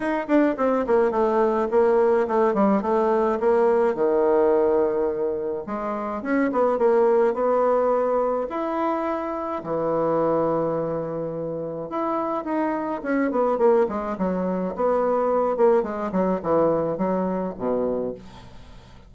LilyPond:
\new Staff \with { instrumentName = "bassoon" } { \time 4/4 \tempo 4 = 106 dis'8 d'8 c'8 ais8 a4 ais4 | a8 g8 a4 ais4 dis4~ | dis2 gis4 cis'8 b8 | ais4 b2 e'4~ |
e'4 e2.~ | e4 e'4 dis'4 cis'8 b8 | ais8 gis8 fis4 b4. ais8 | gis8 fis8 e4 fis4 b,4 | }